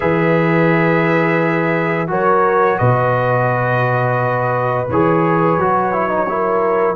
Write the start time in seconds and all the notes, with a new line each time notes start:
0.00 E3 G#4 B4 E5
2.07 F#3 F#4 A#4 C#5
2.78 B2 B4 D#5
4.89 E3 G#4 C#5
5.56 F#3 F#4
5.92 E4
6.09 D#4
6.28 E4 A#4